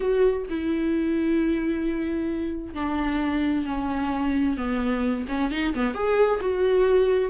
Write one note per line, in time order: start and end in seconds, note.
0.00 0.46 F#4
0.49 2.74 E4
2.74 3.65 D4
3.65 4.57 C#4
4.57 5.25 B3
5.28 5.51 C#4
5.51 5.74 D#4
5.74 5.94 B3
5.94 6.40 G#4
6.40 7.30 F#4